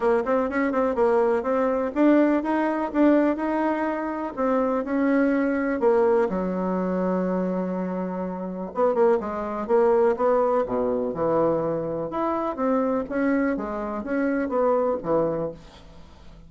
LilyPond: \new Staff \with { instrumentName = "bassoon" } { \time 4/4 \tempo 4 = 124 ais8 c'8 cis'8 c'8 ais4 c'4 | d'4 dis'4 d'4 dis'4~ | dis'4 c'4 cis'2 | ais4 fis2.~ |
fis2 b8 ais8 gis4 | ais4 b4 b,4 e4~ | e4 e'4 c'4 cis'4 | gis4 cis'4 b4 e4 | }